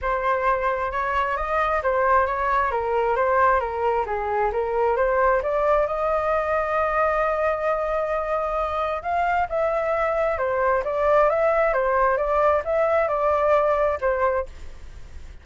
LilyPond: \new Staff \with { instrumentName = "flute" } { \time 4/4 \tempo 4 = 133 c''2 cis''4 dis''4 | c''4 cis''4 ais'4 c''4 | ais'4 gis'4 ais'4 c''4 | d''4 dis''2.~ |
dis''1 | f''4 e''2 c''4 | d''4 e''4 c''4 d''4 | e''4 d''2 c''4 | }